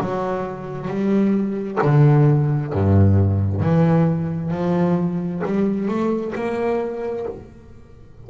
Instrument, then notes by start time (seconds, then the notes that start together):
double bass
0.00 F#3
0.88 G3
1.82 D3
2.73 G2
3.61 E3
4.51 F3
5.45 G3
5.88 A3
6.35 A#3